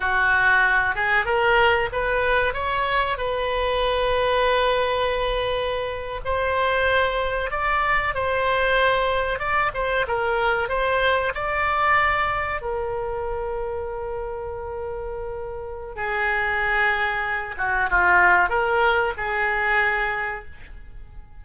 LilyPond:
\new Staff \with { instrumentName = "oboe" } { \time 4/4 \tempo 4 = 94 fis'4. gis'8 ais'4 b'4 | cis''4 b'2.~ | b'4.~ b'16 c''2 d''16~ | d''8. c''2 d''8 c''8 ais'16~ |
ais'8. c''4 d''2 ais'16~ | ais'1~ | ais'4 gis'2~ gis'8 fis'8 | f'4 ais'4 gis'2 | }